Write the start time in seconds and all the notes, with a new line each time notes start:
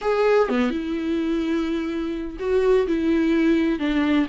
0.01 G#4
0.48 B3
0.70 E4
2.39 F#4
2.87 E4
3.79 D4